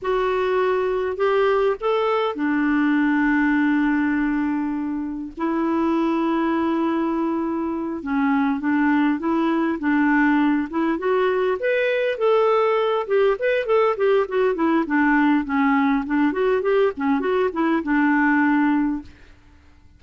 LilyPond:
\new Staff \with { instrumentName = "clarinet" } { \time 4/4 \tempo 4 = 101 fis'2 g'4 a'4 | d'1~ | d'4 e'2.~ | e'4. cis'4 d'4 e'8~ |
e'8 d'4. e'8 fis'4 b'8~ | b'8 a'4. g'8 b'8 a'8 g'8 | fis'8 e'8 d'4 cis'4 d'8 fis'8 | g'8 cis'8 fis'8 e'8 d'2 | }